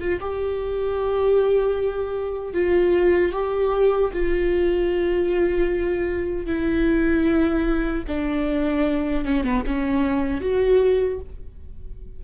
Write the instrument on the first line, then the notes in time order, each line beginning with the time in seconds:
viola
0.00 F4
0.20 G4
2.54 F4
3.33 G4
4.13 F4
6.46 E4
8.08 D4
9.25 C#4
9.44 B3
9.66 C#4
10.41 F#4